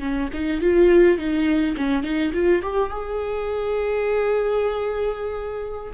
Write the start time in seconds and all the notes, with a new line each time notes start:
0.00 C#4
0.34 D#4
0.61 F4
1.18 D#4
1.77 C#4
2.03 D#4
2.34 F4
2.63 G4
2.90 G#4